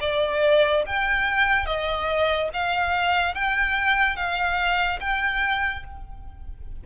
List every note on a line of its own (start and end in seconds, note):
0.00 0.83 D5
0.86 1.66 G5
1.66 2.49 D#5
2.53 3.34 F5
3.34 4.16 G5
4.16 4.99 F5
5.00 5.83 G5